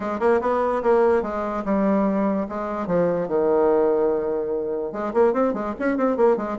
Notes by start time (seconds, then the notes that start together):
0.00 G#3
0.19 A#3
0.41 B3
0.82 A#3
1.22 G#3
1.64 G3
2.48 G#3
2.87 F3
3.28 D#3
4.92 G#3
5.13 A#3
5.33 C4
5.53 G#3
5.79 C#4
5.97 C4
6.16 A#3
6.36 G#3